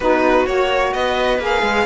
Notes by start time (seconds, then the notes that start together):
0.00 B3 D#4 F#4 B4
0.45 A#3 F#4 C#5
0.93 B3 B4 D#5
1.38 A#3 G#4
1.45 F5
1.62 G#3